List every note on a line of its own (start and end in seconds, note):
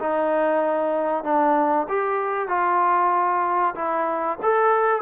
0.00 1.24 D#4
1.24 1.87 D4
1.89 2.49 G4
2.49 3.75 F4
3.76 4.39 E4
4.43 5.02 A4